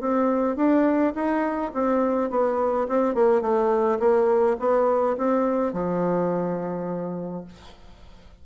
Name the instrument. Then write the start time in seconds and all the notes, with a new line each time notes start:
bassoon
0.00 C4
0.56 D4
1.15 D#4
1.74 C4
2.30 B3
2.88 C4
3.14 A#3
3.41 A3
3.99 A#3
4.59 B3
5.17 C4
5.73 F3